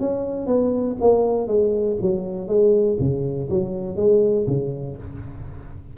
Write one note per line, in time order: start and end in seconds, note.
0.00 0.47 C#4
0.47 0.97 B3
1.01 1.48 A#3
1.48 1.97 G#3
2.02 2.48 F#3
2.48 2.98 G#3
3.00 3.49 C#3
3.50 3.97 F#3
3.97 4.46 G#3
4.47 4.97 C#3